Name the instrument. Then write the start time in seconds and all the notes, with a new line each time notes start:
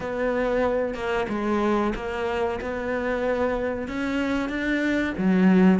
cello
0.00 B3
0.94 A#3
1.28 G#3
1.95 A#3
2.60 B3
3.88 C#4
4.49 D4
5.17 F#3